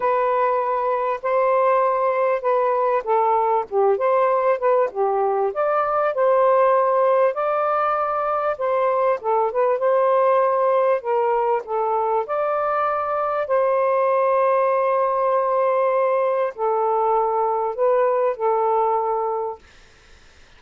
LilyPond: \new Staff \with { instrumentName = "saxophone" } { \time 4/4 \tempo 4 = 98 b'2 c''2 | b'4 a'4 g'8 c''4 b'8 | g'4 d''4 c''2 | d''2 c''4 a'8 b'8 |
c''2 ais'4 a'4 | d''2 c''2~ | c''2. a'4~ | a'4 b'4 a'2 | }